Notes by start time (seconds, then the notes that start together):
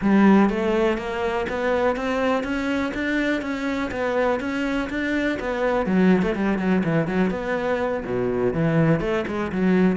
0.01 G3
0.49 A3
0.97 A#3
1.49 B3
1.95 C4
2.43 C#4
2.94 D4
3.41 C#4
3.91 B3
4.39 C#4
4.89 D4
5.39 B3
5.86 F#3
6.22 A3
6.35 G3
6.58 F#3
6.84 E3
7.07 F#3
7.30 B3
8.05 B2
8.53 E3
9.00 A3
9.27 G#3
9.52 F#3